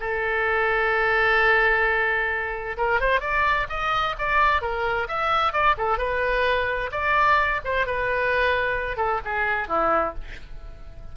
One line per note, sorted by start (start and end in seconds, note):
0.00 2.77 A4
2.77 3.00 A#4
3.00 3.21 C5
3.21 3.67 D5
3.69 4.16 D#5
4.18 4.62 D5
4.62 5.08 A#4
5.08 5.53 E5
5.53 5.76 D5
5.78 5.98 A4
5.98 6.90 B4
6.92 7.61 D5
7.65 7.87 C5
7.87 8.97 B4
8.97 9.20 A4
9.25 9.68 G#4
9.68 10.14 E4